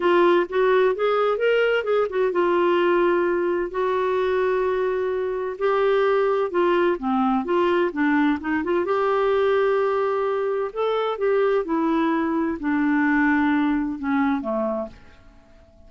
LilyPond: \new Staff \with { instrumentName = "clarinet" } { \time 4/4 \tempo 4 = 129 f'4 fis'4 gis'4 ais'4 | gis'8 fis'8 f'2. | fis'1 | g'2 f'4 c'4 |
f'4 d'4 dis'8 f'8 g'4~ | g'2. a'4 | g'4 e'2 d'4~ | d'2 cis'4 a4 | }